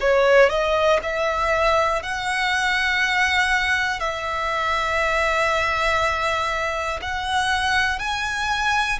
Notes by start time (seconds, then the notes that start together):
0.00 C#5
0.49 D#5
1.02 E5
2.02 F#5
4.00 E5
7.01 F#5
7.99 G#5